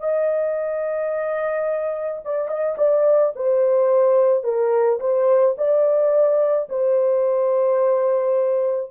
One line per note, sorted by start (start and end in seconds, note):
0.00 2.22 D#5
2.25 2.48 D5
2.48 2.76 D#5
2.78 3.33 D5
3.35 4.43 C5
4.43 4.99 A#4
5.00 5.56 C5
5.58 6.69 D5
6.69 8.91 C5